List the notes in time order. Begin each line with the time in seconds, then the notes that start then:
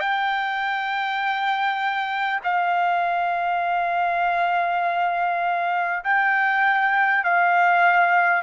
0.00 G5
2.43 F5
6.04 G5
7.24 F5